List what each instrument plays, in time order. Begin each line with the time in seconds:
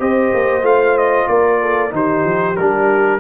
0.00 tuba C4, trombone G4, horn C5, trumpet D#5
0.35 tuba A#3
0.62 tuba A3, trombone F4, trumpet F5
0.98 trumpet D#5
1.28 tuba A#3, horn A#4, trumpet D5
1.62 horn A4
1.91 tuba D#3, trombone D#4, horn G4, trumpet C5
2.25 tuba F3
2.57 tuba G3, trombone D4, trumpet A#4